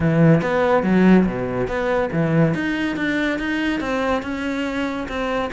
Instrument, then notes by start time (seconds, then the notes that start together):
cello
0.00 E3
0.41 B3
0.83 F#3
1.26 B2
1.67 B3
2.12 E3
2.54 D#4
2.96 D4
3.38 D#4
3.80 C4
4.22 C#4
5.08 C4